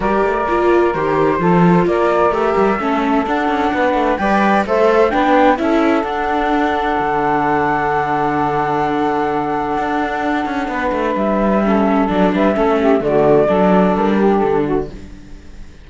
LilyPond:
<<
  \new Staff \with { instrumentName = "flute" } { \time 4/4 \tempo 4 = 129 d''2 c''2 | d''4 e''2 fis''4~ | fis''4 g''4 e''4 g''4 | e''4 fis''2.~ |
fis''1~ | fis''1 | e''2 d''8 e''4. | d''2 ais'4 a'4 | }
  \new Staff \with { instrumentName = "saxophone" } { \time 4/4 ais'2. a'4 | ais'2 a'2 | b'4 d''4 c''4 b'4 | a'1~ |
a'1~ | a'2. b'4~ | b'4 a'4. b'8 a'8 g'8 | fis'4 a'4. g'4 fis'8 | }
  \new Staff \with { instrumentName = "viola" } { \time 4/4 g'4 f'4 g'4 f'4~ | f'4 g'4 cis'4 d'4~ | d'4 b'4 a'4 d'4 | e'4 d'2.~ |
d'1~ | d'1~ | d'4 cis'4 d'4 cis'4 | a4 d'2. | }
  \new Staff \with { instrumentName = "cello" } { \time 4/4 g8 a8 ais4 dis4 f4 | ais4 a8 g8 a4 d'8 cis'8 | b8 a8 g4 a4 b4 | cis'4 d'2 d4~ |
d1~ | d4 d'4. cis'8 b8 a8 | g2 fis8 g8 a4 | d4 fis4 g4 d4 | }
>>